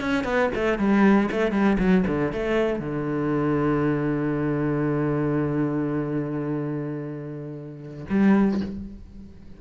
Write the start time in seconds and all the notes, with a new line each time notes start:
0.00 C#4
0.24 B3
0.55 A3
0.78 G3
1.31 A3
1.51 G3
1.78 F#3
2.06 D3
2.32 A3
2.79 D3
8.09 G3